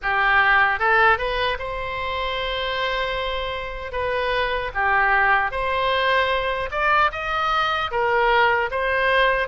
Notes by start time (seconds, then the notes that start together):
0.02 G4
0.79 A4
1.18 B4
1.59 C5
3.92 B4
4.74 G4
5.51 C5
6.71 D5
7.12 D#5
7.91 A#4
8.70 C5